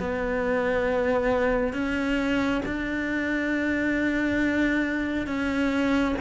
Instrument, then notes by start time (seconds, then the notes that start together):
cello
0.00 B3
1.74 C#4
2.66 D4
5.27 C#4